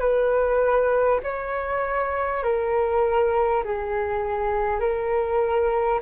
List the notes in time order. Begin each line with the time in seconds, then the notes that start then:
0.00 B4
1.24 C#5
2.44 A#4
3.64 G#4
4.80 A#4